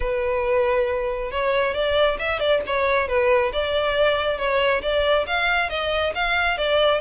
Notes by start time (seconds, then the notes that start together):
0.00 B4
1.31 C#5
1.74 D5
2.18 E5
2.39 D5
2.66 C#5
3.08 B4
3.53 D5
4.38 C#5
4.82 D5
5.26 F5
5.69 D#5
6.15 F5
6.57 D5